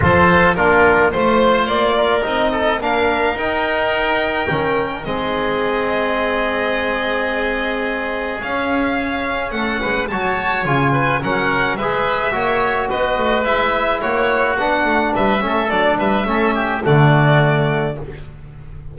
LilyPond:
<<
  \new Staff \with { instrumentName = "violin" } { \time 4/4 \tempo 4 = 107 c''4 ais'4 c''4 d''4 | dis''4 f''4 g''2~ | g''4 dis''2.~ | dis''2. f''4~ |
f''4 fis''4 a''4 gis''4 | fis''4 e''2 dis''4 | e''4 cis''4 fis''4 e''4 | d''8 e''4. d''2 | }
  \new Staff \with { instrumentName = "oboe" } { \time 4/4 a'4 f'4 c''4. ais'8~ | ais'8 a'8 ais'2.~ | ais'4 gis'2.~ | gis'1~ |
gis'4 a'8 b'8 cis''4. b'8 | ais'4 b'4 cis''4 b'4~ | b'4 fis'2 b'8 a'8~ | a'8 b'8 a'8 g'8 fis'2 | }
  \new Staff \with { instrumentName = "trombone" } { \time 4/4 f'4 d'4 f'2 | dis'4 d'4 dis'2 | cis'4 c'2.~ | c'2. cis'4~ |
cis'2 fis'4 f'4 | cis'4 gis'4 fis'2 | e'2 d'4. cis'8 | d'4 cis'4 a2 | }
  \new Staff \with { instrumentName = "double bass" } { \time 4/4 f4 ais4 a4 ais4 | c'4 ais4 dis'2 | dis4 gis2.~ | gis2. cis'4~ |
cis'4 a8 gis8 fis4 cis4 | fis4 gis4 ais4 b8 a8 | gis4 ais4 b8 a8 g8 a8 | fis8 g8 a4 d2 | }
>>